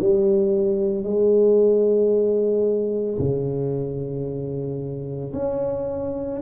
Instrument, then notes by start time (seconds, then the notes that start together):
tuba
0.00 G3
1.04 G#3
3.19 C#3
5.33 C#4